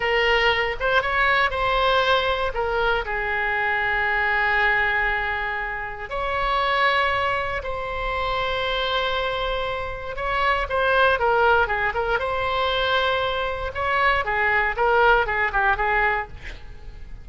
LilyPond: \new Staff \with { instrumentName = "oboe" } { \time 4/4 \tempo 4 = 118 ais'4. c''8 cis''4 c''4~ | c''4 ais'4 gis'2~ | gis'1 | cis''2. c''4~ |
c''1 | cis''4 c''4 ais'4 gis'8 ais'8 | c''2. cis''4 | gis'4 ais'4 gis'8 g'8 gis'4 | }